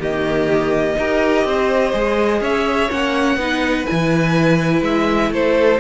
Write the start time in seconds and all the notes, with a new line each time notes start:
0.00 D#3 A#3 G4 D#5
0.98 D#4 G4 A#4
1.45 C4 C5
1.94 G#3 G#4
2.41 C#4 C#5 E5
2.91 A#3 C#4 F#5
3.36 B3 D#4 B4
3.86 E3 E4 G#5
4.82 G#3 E5
5.31 A3 A4 C5